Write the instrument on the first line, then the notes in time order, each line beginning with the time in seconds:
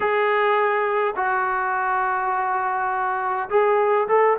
trombone
0.00 G#4
1.16 F#4
3.49 G#4
4.08 A4